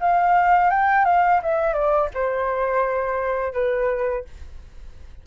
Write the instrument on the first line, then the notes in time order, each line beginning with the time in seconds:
flute
0.00 F5
0.70 G5
1.05 F5
1.43 E5
1.73 D5
2.14 C5
3.53 B4